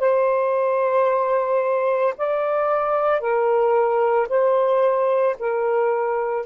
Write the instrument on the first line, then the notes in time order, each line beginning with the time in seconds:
saxophone
0.00 C5
2.18 D5
3.20 A#4
4.29 C5
5.40 A#4